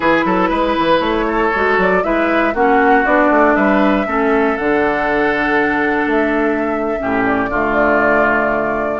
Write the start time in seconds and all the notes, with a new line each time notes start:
0.00 E3 E4 G#4 B4
0.25 F#3 A4
0.49 G#3 B4
0.78 E3
1.00 A3 C#5
1.27 A4
1.54 G#3 F#4
1.77 F#3 D5
2.02 G#3 E4 B4 E5
2.53 A#3 C#4 F#4 F#5
3.05 B3 D4 D5
3.29 A3
3.55 G3 B4 E5
4.06 A3 C#4 A4
4.57 D3 D4 F#5
6.06 A3 E5
6.98 A2 C#4 G4
7.26 D5
7.49 D3 A3 F4